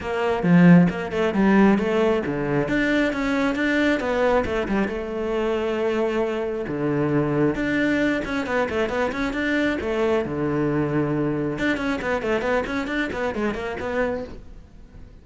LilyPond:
\new Staff \with { instrumentName = "cello" } { \time 4/4 \tempo 4 = 135 ais4 f4 ais8 a8 g4 | a4 d4 d'4 cis'4 | d'4 b4 a8 g8 a4~ | a2. d4~ |
d4 d'4. cis'8 b8 a8 | b8 cis'8 d'4 a4 d4~ | d2 d'8 cis'8 b8 a8 | b8 cis'8 d'8 b8 gis8 ais8 b4 | }